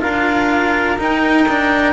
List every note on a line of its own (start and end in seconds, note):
0.00 1.00 D4
0.00 0.97 F4
0.00 1.93 A#4
0.00 0.97 F5
0.98 1.46 D#4
0.98 1.93 D#4
0.98 1.93 G5
1.48 1.93 D4